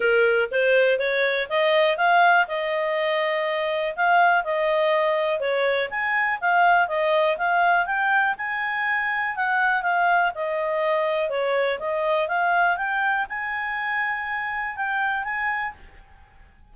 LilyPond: \new Staff \with { instrumentName = "clarinet" } { \time 4/4 \tempo 4 = 122 ais'4 c''4 cis''4 dis''4 | f''4 dis''2. | f''4 dis''2 cis''4 | gis''4 f''4 dis''4 f''4 |
g''4 gis''2 fis''4 | f''4 dis''2 cis''4 | dis''4 f''4 g''4 gis''4~ | gis''2 g''4 gis''4 | }